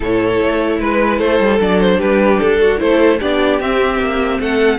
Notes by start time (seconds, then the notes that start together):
0.00 A2 E4 A4 C#5
0.42 A3
0.79 G#3 B4
1.17 A3 A4 C5
1.39 G3
1.60 F#3 D4 D5
1.80 C5
1.97 G3 G4 B4
2.39 D4 A4
2.60 F#4
2.78 A3 E4 A4 C5
3.20 B3 D4 G4 D5
3.60 C4 E5
3.99 A#3
4.40 A3 A4 F#5